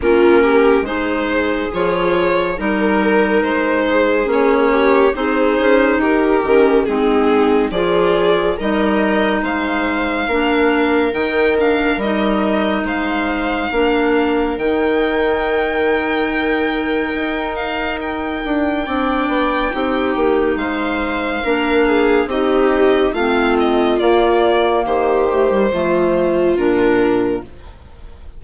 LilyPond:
<<
  \new Staff \with { instrumentName = "violin" } { \time 4/4 \tempo 4 = 70 ais'4 c''4 cis''4 ais'4 | c''4 cis''4 c''4 ais'4 | gis'4 d''4 dis''4 f''4~ | f''4 g''8 f''8 dis''4 f''4~ |
f''4 g''2.~ | g''8 f''8 g''2. | f''2 dis''4 f''8 dis''8 | d''4 c''2 ais'4 | }
  \new Staff \with { instrumentName = "viola" } { \time 4/4 f'8 g'8 gis'2 ais'4~ | ais'8 gis'4 g'8 gis'4 g'4 | dis'4 gis'4 ais'4 c''4 | ais'2. c''4 |
ais'1~ | ais'2 d''4 g'4 | c''4 ais'8 gis'8 g'4 f'4~ | f'4 g'4 f'2 | }
  \new Staff \with { instrumentName = "clarinet" } { \time 4/4 cis'4 dis'4 f'4 dis'4~ | dis'4 cis'4 dis'4. cis'8 | c'4 f'4 dis'2 | d'4 dis'8 d'8 dis'2 |
d'4 dis'2.~ | dis'2 d'4 dis'4~ | dis'4 d'4 dis'4 c'4 | ais4. a16 g16 a4 d'4 | }
  \new Staff \with { instrumentName = "bassoon" } { \time 4/4 ais4 gis4 f4 g4 | gis4 ais4 c'8 cis'8 dis'8 dis8 | gis4 f4 g4 gis4 | ais4 dis4 g4 gis4 |
ais4 dis2. | dis'4. d'8 c'8 b8 c'8 ais8 | gis4 ais4 c'4 a4 | ais4 dis4 f4 ais,4 | }
>>